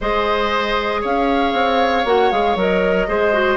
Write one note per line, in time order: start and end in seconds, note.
0.00 1.04 G#3
0.00 2.06 G#4
0.00 1.01 C5
0.00 1.03 D#5
1.01 1.53 C#4
1.01 3.06 C#5
1.01 2.06 F5
1.53 2.04 C4
2.04 2.30 A#3
2.04 2.31 F#4
2.04 2.31 F#5
2.31 2.55 G#3
2.31 2.57 G#4
2.31 2.57 F5
2.55 3.06 F#3
2.55 3.07 A#4
2.55 3.56 D#5
3.07 3.56 G#3
3.07 3.32 G#4
3.07 3.56 C5
3.32 3.56 F#4